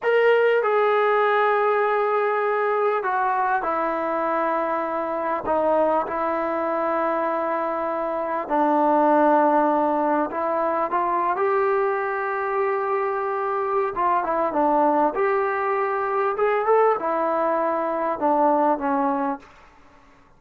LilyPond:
\new Staff \with { instrumentName = "trombone" } { \time 4/4 \tempo 4 = 99 ais'4 gis'2.~ | gis'4 fis'4 e'2~ | e'4 dis'4 e'2~ | e'2 d'2~ |
d'4 e'4 f'8. g'4~ g'16~ | g'2. f'8 e'8 | d'4 g'2 gis'8 a'8 | e'2 d'4 cis'4 | }